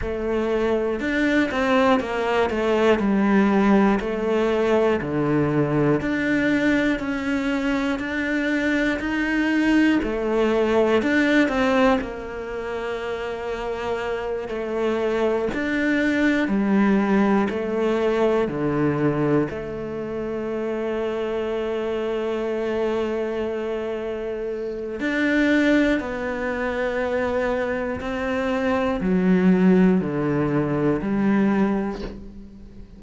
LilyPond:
\new Staff \with { instrumentName = "cello" } { \time 4/4 \tempo 4 = 60 a4 d'8 c'8 ais8 a8 g4 | a4 d4 d'4 cis'4 | d'4 dis'4 a4 d'8 c'8 | ais2~ ais8 a4 d'8~ |
d'8 g4 a4 d4 a8~ | a1~ | a4 d'4 b2 | c'4 fis4 d4 g4 | }